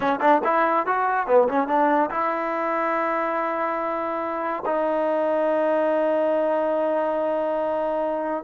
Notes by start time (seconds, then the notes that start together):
0.00 C#4
0.21 D4
0.44 E4
0.86 F#4
1.27 B3
1.48 C#4
1.67 D4
2.10 E4
4.65 D#4